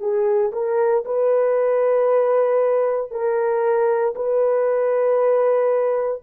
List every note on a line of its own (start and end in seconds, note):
0.00 0.52 G#4
0.53 1.04 A#4
1.05 3.11 B4
3.11 4.15 A#4
4.15 6.22 B4